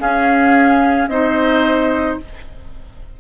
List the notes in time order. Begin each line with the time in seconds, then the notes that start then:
0.00 C#4 G#4 F5
1.08 C4 D#4 C5 D#5